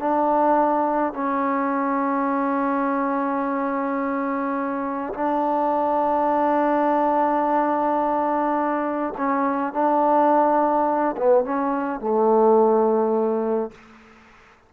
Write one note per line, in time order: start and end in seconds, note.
0.00 1.14 D4
1.14 5.14 C#4
5.15 9.15 D4
9.18 9.73 C#4
9.73 11.16 D4
11.17 11.45 B3
11.45 12.01 C#4
12.01 13.72 A3